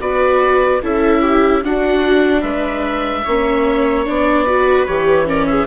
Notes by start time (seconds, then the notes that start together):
0.00 B3 F#4 B4 D5
0.83 C#4 E4 A4 E5
1.22 G4
1.64 D4 F#4 F#5
2.41 G#3 B4 E5
3.24 A#3 C#4 C#5
4.06 B3 D4 D5
4.45 F#4 B4
4.87 E3 G4 C#5
5.26 C#4 A#4 D5
5.47 G#4 E5